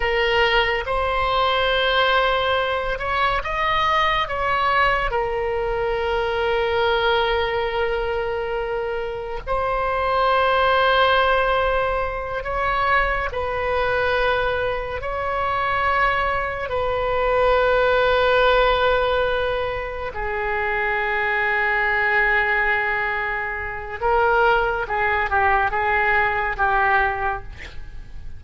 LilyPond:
\new Staff \with { instrumentName = "oboe" } { \time 4/4 \tempo 4 = 70 ais'4 c''2~ c''8 cis''8 | dis''4 cis''4 ais'2~ | ais'2. c''4~ | c''2~ c''8 cis''4 b'8~ |
b'4. cis''2 b'8~ | b'2.~ b'8 gis'8~ | gis'1 | ais'4 gis'8 g'8 gis'4 g'4 | }